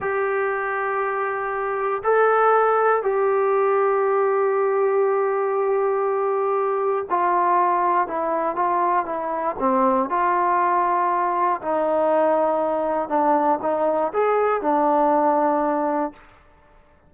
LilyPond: \new Staff \with { instrumentName = "trombone" } { \time 4/4 \tempo 4 = 119 g'1 | a'2 g'2~ | g'1~ | g'2 f'2 |
e'4 f'4 e'4 c'4 | f'2. dis'4~ | dis'2 d'4 dis'4 | gis'4 d'2. | }